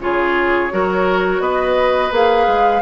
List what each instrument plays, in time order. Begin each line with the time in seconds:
0.00 bassoon C#3, clarinet F4, oboe G#4, flute C#5
0.71 bassoon F#3, clarinet F#4, oboe A#4
1.40 bassoon B3, oboe B4, flute D#5
2.12 bassoon A#3, clarinet G#4, flute F5
2.48 bassoon G#3